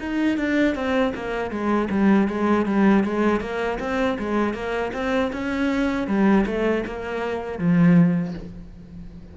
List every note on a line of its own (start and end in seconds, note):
0.00 0.38 D#4
0.38 0.75 D4
0.75 1.13 C4
1.15 1.51 A#3
1.51 1.89 G#3
1.91 2.28 G3
2.28 2.66 G#3
2.66 3.04 G3
3.04 3.41 G#3
3.41 3.79 A#3
3.80 4.18 C4
4.19 4.54 G#3
4.54 4.92 A#3
4.94 5.32 C4
5.33 6.08 C#4
6.08 6.46 G3
6.47 6.85 A3
6.86 7.59 A#3
7.59 8.35 F3